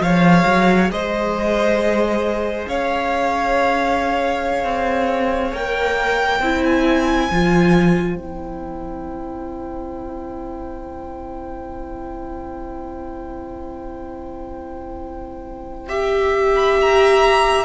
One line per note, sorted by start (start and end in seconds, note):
0.00 0.44 F3
0.00 5.53 G#4
0.00 0.91 C#5
0.00 0.90 F5
0.46 0.90 F#3
0.90 2.66 G#3
0.90 2.68 C5
0.90 2.67 D#5
2.67 4.64 C#4
2.67 6.42 C#5
2.67 5.53 F5
4.64 5.52 C4
5.52 6.40 A#3
5.52 6.41 A#4
5.52 6.63 G5
6.40 7.28 C4
6.40 7.31 E4
6.40 15.88 C5
6.63 8.16 G#5
7.30 8.16 F3
7.30 8.18 F4
8.16 17.64 C4
8.16 15.89 E4
8.16 16.54 G5
15.88 17.65 G4
15.88 17.65 E5
16.55 16.77 B5
16.81 17.65 A#5